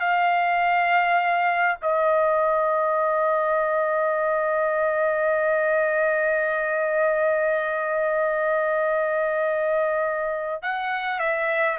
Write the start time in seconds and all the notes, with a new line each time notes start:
0.00 F5
1.82 D#5
10.62 F#5
11.19 E5